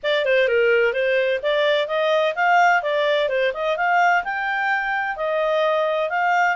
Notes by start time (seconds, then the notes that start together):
0.03 D5
0.25 C5
0.48 A#4
0.93 C5
1.42 D5
1.87 D#5
2.35 F5
2.82 D5
3.29 C5
3.53 D#5
3.76 F5
4.24 G5
5.16 D#5
6.09 F5